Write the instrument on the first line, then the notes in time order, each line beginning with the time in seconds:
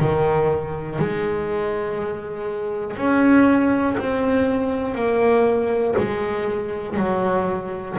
double bass
0.00 D#3
0.99 G#3
2.97 C#4
3.98 C4
4.95 A#3
5.99 G#3
6.97 F#3